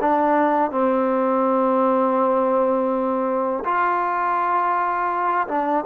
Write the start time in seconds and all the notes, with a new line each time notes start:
0.00 D4
0.71 C4
3.64 F4
5.47 D4